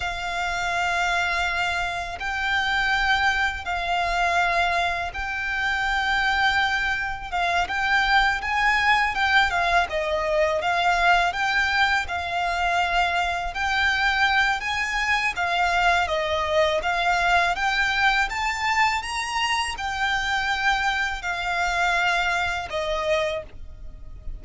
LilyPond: \new Staff \with { instrumentName = "violin" } { \time 4/4 \tempo 4 = 82 f''2. g''4~ | g''4 f''2 g''4~ | g''2 f''8 g''4 gis''8~ | gis''8 g''8 f''8 dis''4 f''4 g''8~ |
g''8 f''2 g''4. | gis''4 f''4 dis''4 f''4 | g''4 a''4 ais''4 g''4~ | g''4 f''2 dis''4 | }